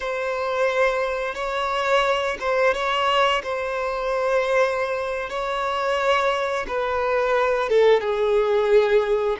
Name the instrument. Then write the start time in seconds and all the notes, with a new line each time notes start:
violin
0.00 C5
1.35 C#5
2.40 C5
2.73 C#5
3.43 C5
5.29 C#5
6.67 B4
7.69 A4
8.00 G#4